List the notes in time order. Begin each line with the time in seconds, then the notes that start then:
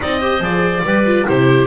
0.00 C4 D#4 D5 D#5
0.20 G4 C5
0.40 F3 G#4 D5
0.84 G3 G4 B4
1.05 F4
1.25 C3 E4 G4 C5